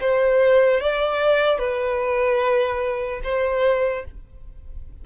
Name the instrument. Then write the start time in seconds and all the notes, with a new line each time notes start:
violin
0.00 C5
0.80 D5
1.58 B4
3.23 C5